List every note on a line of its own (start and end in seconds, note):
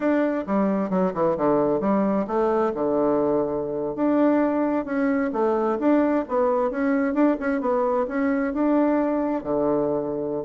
0.00 0.44 D4
0.47 0.90 G3
0.90 1.12 F#3
1.14 1.36 E3
1.37 1.80 D3
1.80 2.25 G3
2.27 2.72 A3
2.74 3.95 D3
3.95 4.85 D4
4.85 5.30 C#4
5.32 5.78 A3
5.79 6.24 D4
6.28 6.70 B3
6.70 7.13 C#4
7.13 7.36 D4
7.39 7.61 C#4
7.61 8.06 B3
8.08 8.53 C#4
8.53 9.43 D4
9.43 10.44 D3